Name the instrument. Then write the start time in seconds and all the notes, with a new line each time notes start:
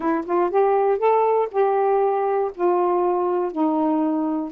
saxophone
0.00 E4
0.25 F4
0.50 G4
0.98 A4
1.51 G4
2.54 F4
3.51 D#4